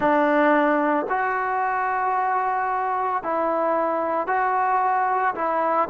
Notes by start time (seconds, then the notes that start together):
0.00 D4
1.09 F#4
3.23 E4
4.27 F#4
5.35 E4